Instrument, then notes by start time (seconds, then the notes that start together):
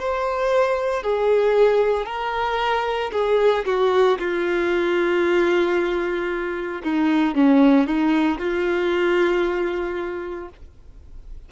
violin
0.00 C5
1.03 G#4
2.06 A#4
3.13 G#4
3.66 F#4
4.19 F4
6.84 D#4
7.35 C#4
7.88 D#4
8.39 F4